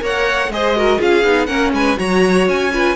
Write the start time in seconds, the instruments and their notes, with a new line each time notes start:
0.00 cello A#3, viola A#4, violin C#5
0.06 violin F#5
0.49 cello G#3, viola G#4, violin C5 D#5
0.76 viola F#4, violin A#4
0.99 cello C#4, viola F4, violin G#4 F5
1.24 cello B3, viola D#4
1.47 cello A#3, viola C#4, violin A#4 F#5
1.73 cello G#3, violin B4 G#5
1.97 cello F#3, viola F#4, violin C#5 A#5
2.48 cello C#4, violin G#5
2.73 viola F4, violin B4